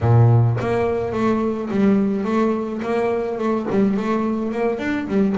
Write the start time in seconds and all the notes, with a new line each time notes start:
0.01 A#2
0.59 A#3
1.12 A3
1.70 G3
2.24 A3
2.82 A#3
3.38 A3
3.70 G3
3.96 A3
4.51 A#3
4.78 D4
5.07 G3